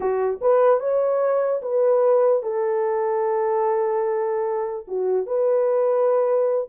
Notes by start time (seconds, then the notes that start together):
0.00 F#4
0.41 B4
0.80 C#5
1.62 B4
2.43 A4
4.87 F#4
5.26 B4